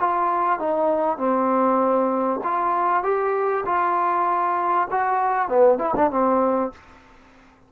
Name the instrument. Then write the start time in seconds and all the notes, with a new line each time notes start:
trombone
0.00 F4
0.59 D#4
1.18 C4
2.44 F4
3.03 G4
3.65 F4
4.91 F#4
5.49 B3
5.79 E4
5.96 D4
6.11 C4